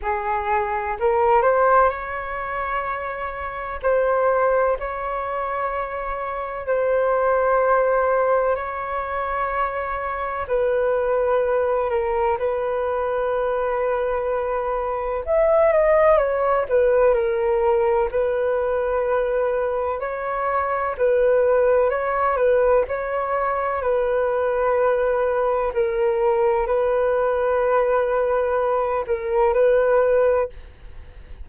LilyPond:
\new Staff \with { instrumentName = "flute" } { \time 4/4 \tempo 4 = 63 gis'4 ais'8 c''8 cis''2 | c''4 cis''2 c''4~ | c''4 cis''2 b'4~ | b'8 ais'8 b'2. |
e''8 dis''8 cis''8 b'8 ais'4 b'4~ | b'4 cis''4 b'4 cis''8 b'8 | cis''4 b'2 ais'4 | b'2~ b'8 ais'8 b'4 | }